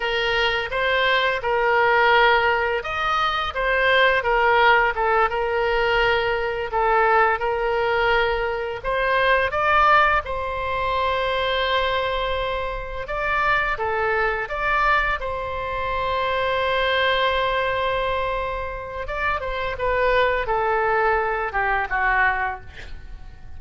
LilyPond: \new Staff \with { instrumentName = "oboe" } { \time 4/4 \tempo 4 = 85 ais'4 c''4 ais'2 | dis''4 c''4 ais'4 a'8 ais'8~ | ais'4. a'4 ais'4.~ | ais'8 c''4 d''4 c''4.~ |
c''2~ c''8 d''4 a'8~ | a'8 d''4 c''2~ c''8~ | c''2. d''8 c''8 | b'4 a'4. g'8 fis'4 | }